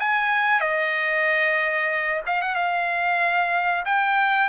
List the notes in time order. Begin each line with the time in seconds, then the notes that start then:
0.00 G#5
0.61 D#5
2.27 F5
2.42 F#5
2.56 F5
3.86 G5